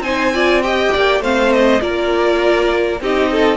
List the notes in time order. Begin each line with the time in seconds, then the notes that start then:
0.00 C4 D#4 C5 G#5
0.34 F4 D5
0.63 G4 D#5 G5
0.93 A#3 D5
1.21 A3 C4 C5 F5
1.53 D#5
1.80 A#3 F4 A#4 D5
3.01 C4 D#4 G4 D#5
3.32 A4